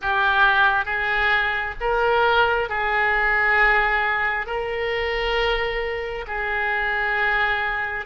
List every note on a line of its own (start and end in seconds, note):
0.01 0.85 G4
0.85 1.75 G#4
1.80 2.69 A#4
2.69 4.46 G#4
4.46 6.25 A#4
6.27 8.05 G#4